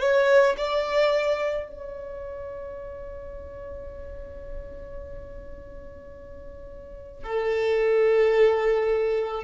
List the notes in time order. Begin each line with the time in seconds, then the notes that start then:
0.00 C#5
0.57 D5
1.68 C#5
7.23 A4